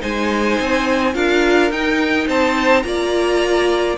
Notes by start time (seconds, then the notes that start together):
0.00 G#3 D#4 C5 G#5
0.60 C4
1.13 D4 F4 A#4 F5
1.70 D#4 G5
2.27 C4 C5 A5
2.82 A#3 F4 D5 A#5